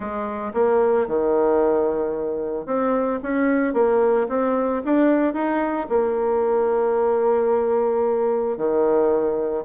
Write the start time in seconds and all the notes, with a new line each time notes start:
0.00 G#3
0.53 A#3
1.07 D#3
2.66 C4
3.22 C#4
3.73 A#3
4.28 C4
4.84 D4
5.33 D#4
5.89 A#3
8.57 D#3